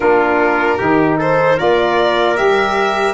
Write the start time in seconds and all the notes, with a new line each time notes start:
0.00 A#3 D4 F4 A#4
0.77 D#3 D#4 G4
1.18 A4 C5
1.56 A#3 F4 A#4 D5
2.35 G3 G4 E5